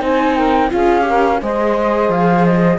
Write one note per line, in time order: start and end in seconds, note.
0.00 0.71 C4
0.00 0.70 D#4
0.00 0.35 C5
0.00 0.36 G#5
0.35 0.70 A#4
0.35 0.71 G5
0.70 1.42 C#4
0.70 1.01 F4
0.70 1.07 G#4
0.70 1.42 F5
1.01 1.36 G4
1.01 1.42 A#4
1.42 2.09 G#3
1.42 2.79 G#4
1.42 2.79 C5
1.42 2.11 D#5
2.09 2.79 F3
2.09 2.45 F5
2.45 2.79 D#5